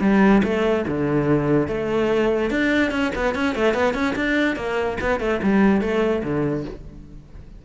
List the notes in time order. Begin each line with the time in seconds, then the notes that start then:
0.00 G3
0.43 A3
0.87 D3
1.67 A3
2.50 D4
2.91 C#4
3.15 B3
3.35 C#4
3.55 A3
3.74 B3
3.93 C#4
4.15 D4
4.56 A#3
5.00 B3
5.19 A3
5.42 G3
5.81 A3
6.23 D3